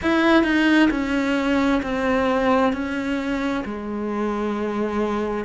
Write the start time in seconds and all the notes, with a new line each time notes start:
0.02 E4
0.43 D#4
0.90 C#4
1.82 C4
2.72 C#4
3.64 G#3